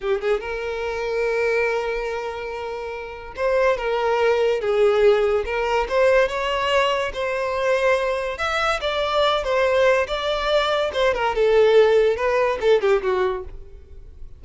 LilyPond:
\new Staff \with { instrumentName = "violin" } { \time 4/4 \tempo 4 = 143 g'8 gis'8 ais'2.~ | ais'1 | c''4 ais'2 gis'4~ | gis'4 ais'4 c''4 cis''4~ |
cis''4 c''2. | e''4 d''4. c''4. | d''2 c''8 ais'8 a'4~ | a'4 b'4 a'8 g'8 fis'4 | }